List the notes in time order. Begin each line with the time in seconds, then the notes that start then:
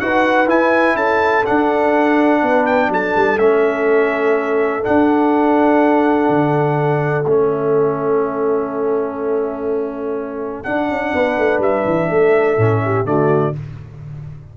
0.00 D#4 F#4 B4 F#5
0.47 E4 G#5
0.95 C#4 A4 A5
1.45 D4 F#5
2.42 B3 B4
2.66 G5
2.89 F#3 A4 A5
3.16 G3
3.38 A3 C#4 E5
4.82 D4 F#5
6.29 D3
7.25 A3 C#4 E5
10.64 D4 F#5
10.90 C#4
11.14 B3 B4
11.38 A3
11.59 G3 E5
11.85 E3
12.10 A3 A4
12.57 A2 C#4
12.85 G4
13.05 D3 A3 F#4 D5